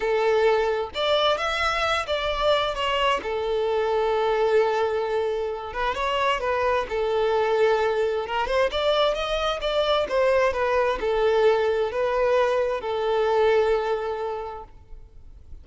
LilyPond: \new Staff \with { instrumentName = "violin" } { \time 4/4 \tempo 4 = 131 a'2 d''4 e''4~ | e''8 d''4. cis''4 a'4~ | a'1~ | a'8 b'8 cis''4 b'4 a'4~ |
a'2 ais'8 c''8 d''4 | dis''4 d''4 c''4 b'4 | a'2 b'2 | a'1 | }